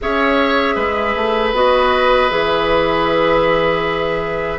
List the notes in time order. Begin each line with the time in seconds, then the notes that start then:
0.01 C#4 G#4 C#5 E5
0.75 G#3 B4
1.16 A3
1.53 B3 F#4 D#5
2.29 E3 G#4 E5